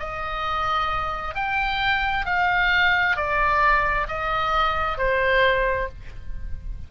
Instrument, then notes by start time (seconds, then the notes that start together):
oboe
0.00 D#5
1.35 G5
2.26 F5
3.17 D5
4.08 D#5
4.98 C5